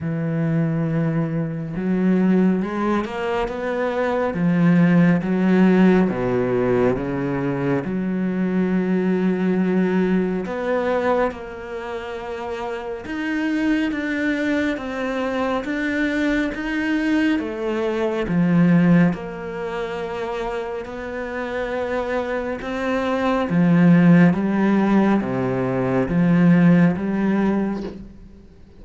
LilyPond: \new Staff \with { instrumentName = "cello" } { \time 4/4 \tempo 4 = 69 e2 fis4 gis8 ais8 | b4 f4 fis4 b,4 | cis4 fis2. | b4 ais2 dis'4 |
d'4 c'4 d'4 dis'4 | a4 f4 ais2 | b2 c'4 f4 | g4 c4 f4 g4 | }